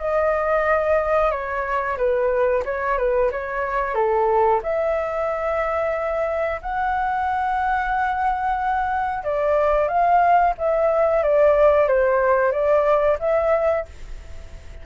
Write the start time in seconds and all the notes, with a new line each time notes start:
0.00 D#5
1.31 C#5
1.98 B4
2.65 C#5
2.98 B4
3.32 C#5
3.95 A4
4.63 E5
6.62 F#5
9.24 D5
9.88 F5
10.58 E5
11.23 D5
11.88 C5
12.52 D5
13.20 E5